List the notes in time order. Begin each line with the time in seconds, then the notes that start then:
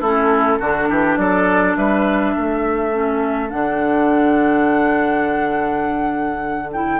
0.00 A3 C#4 E4 A4
0.59 D3 D4 F#4
0.89 E3 G4
1.16 F#3 A4 D5
1.76 G3 B4 E5
2.35 A3 A4
2.92 C#4
3.50 D3 D4 F#5
6.72 E4 G5